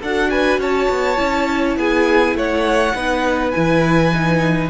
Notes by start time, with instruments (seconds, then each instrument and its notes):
0.00 cello D4, viola F#4, violin A4 F#5
0.31 violin B4 G#5
0.59 cello C#4, violin C#5 A5
0.90 cello B3
1.17 cello C#4, viola E4
1.77 cello B3, violin G#4 G#5
2.36 cello A3, violin C#5 F#5
2.95 cello B3, viola D#4, violin B4
3.52 cello E3, viola E4, violin G#5
4.13 viola D#4